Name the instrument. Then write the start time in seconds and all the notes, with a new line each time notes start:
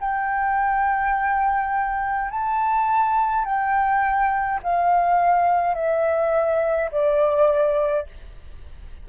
flute
0.00 G5
2.31 A5
3.45 G5
4.63 F5
5.75 E5
6.91 D5